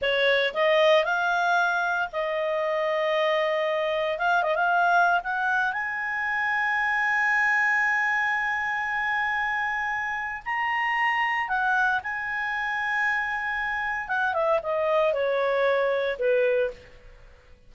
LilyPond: \new Staff \with { instrumentName = "clarinet" } { \time 4/4 \tempo 4 = 115 cis''4 dis''4 f''2 | dis''1 | f''8 dis''16 f''4~ f''16 fis''4 gis''4~ | gis''1~ |
gis''1 | ais''2 fis''4 gis''4~ | gis''2. fis''8 e''8 | dis''4 cis''2 b'4 | }